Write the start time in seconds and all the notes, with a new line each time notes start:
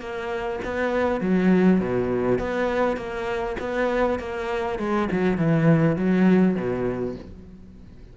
0.00 A#3
0.64 B3
1.21 F#3
1.80 B2
2.39 B3
2.96 A#3
3.60 B3
4.19 A#3
4.79 G#3
5.12 F#3
5.38 E3
5.96 F#3
6.56 B2